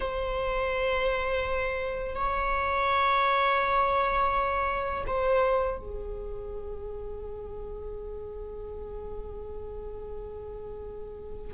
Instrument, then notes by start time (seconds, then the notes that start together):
viola
0.00 C5
2.15 C#5
5.06 C5
5.78 G#4